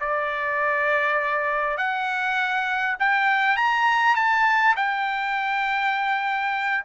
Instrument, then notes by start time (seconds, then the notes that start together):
trumpet
0.00 D5
1.77 F#5
2.99 G5
3.56 A#5
4.15 A5
4.76 G5